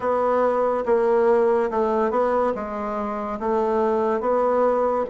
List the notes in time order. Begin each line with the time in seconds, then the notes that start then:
0.00 B3
0.85 A#3
1.70 A3
2.10 B3
2.54 G#3
3.39 A3
4.20 B3